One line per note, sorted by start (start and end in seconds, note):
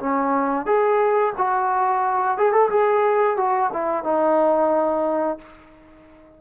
0.00 0.66 C#4
0.66 1.34 G#4
1.38 2.38 F#4
2.38 2.53 G#4
2.53 2.70 A4
2.71 3.37 G#4
3.37 3.71 F#4
3.74 4.04 E4
4.04 5.39 D#4